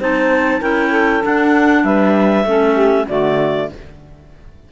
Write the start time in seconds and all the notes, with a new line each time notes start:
0.00 C4 D#4 C5 A5
0.59 C#4 E4 A#4 G5
0.90 A4
1.22 D4 F#5
1.84 G3 B4 E5
2.44 A3 C#4 A4
2.74 G4
3.08 D3 A3 F#4 D5